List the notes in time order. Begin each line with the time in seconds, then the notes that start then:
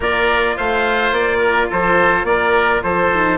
0.00 A#3 F4 A#4 D5
0.56 A3 C5 F5
1.11 A#3 D5
1.38 A#4
1.69 F3 A4 C5
2.23 A#3 A#4 D5
2.83 F3 A4 C5
3.12 D#4